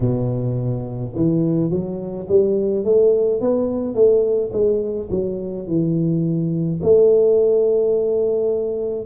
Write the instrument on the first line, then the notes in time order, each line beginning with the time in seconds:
tuba
0.00 B2
1.15 E3
1.70 F#3
2.28 G3
2.84 A3
3.40 B3
3.94 A3
4.52 G#3
5.10 F#3
5.67 E3
6.82 A3